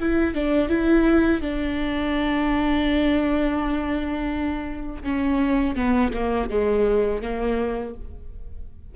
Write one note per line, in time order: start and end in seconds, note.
0.00 0.35 E4
0.35 0.69 D4
0.69 1.41 E4
1.41 5.02 D4
5.03 5.75 C#4
5.76 6.12 B3
6.13 6.49 A#3
6.49 7.22 G#3
7.22 7.94 A#3